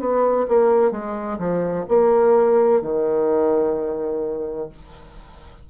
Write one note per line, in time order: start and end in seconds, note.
0.00 0.47 B3
0.48 0.92 A#3
0.92 1.38 G#3
1.38 1.85 F3
1.89 2.82 A#3
2.82 4.69 D#3